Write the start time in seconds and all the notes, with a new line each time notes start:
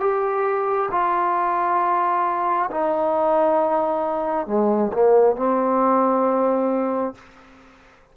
0.00 G4
0.92 F4
2.71 D#4
4.47 G#3
4.94 A#3
5.36 C4